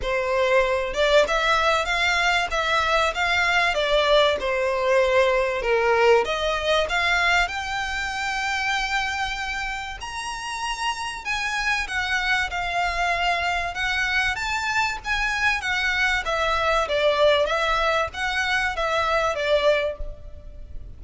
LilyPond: \new Staff \with { instrumentName = "violin" } { \time 4/4 \tempo 4 = 96 c''4. d''8 e''4 f''4 | e''4 f''4 d''4 c''4~ | c''4 ais'4 dis''4 f''4 | g''1 |
ais''2 gis''4 fis''4 | f''2 fis''4 a''4 | gis''4 fis''4 e''4 d''4 | e''4 fis''4 e''4 d''4 | }